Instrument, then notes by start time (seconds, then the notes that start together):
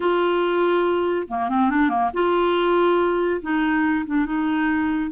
clarinet
0.00 F4
1.28 A#3
1.49 C4
1.69 D4
1.89 A#3
2.13 F4
3.41 D#4
4.06 D4
4.25 D#4